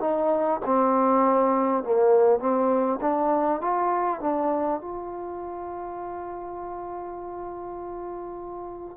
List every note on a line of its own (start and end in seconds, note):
0.00 0.60 D#4
0.65 1.84 C4
1.84 2.39 A#3
2.39 2.99 C4
3.01 3.61 D4
3.61 4.20 F4
4.20 4.80 D4
4.80 8.96 F4